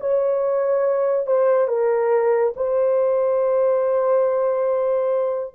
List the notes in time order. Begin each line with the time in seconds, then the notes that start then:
0.00 C#5
1.26 C5
1.68 A#4
2.56 C5